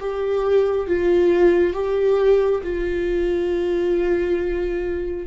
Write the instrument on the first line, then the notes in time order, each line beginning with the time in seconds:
viola
0.00 G4
0.87 F4
1.73 G4
2.64 F4